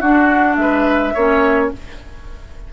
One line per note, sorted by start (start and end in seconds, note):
0.00 0.57 D4
0.00 1.14 D4
0.00 0.56 F#4
0.00 0.56 F#5
0.56 1.13 G#3
0.56 1.14 B4
0.56 1.68 E5
1.14 1.71 A#3
1.14 1.73 C#4
1.14 1.70 C#5